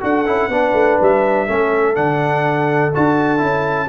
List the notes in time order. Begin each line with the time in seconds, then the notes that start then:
0.00 D4 F#4 A4 F#5
0.26 C#4 E4
0.48 B3 D4 B4
0.73 A3
1.01 G3 E5
1.47 A3 C#4 A4
1.94 D3 D4 F#5
2.94 D4 F#4 A5
3.38 C#4 E4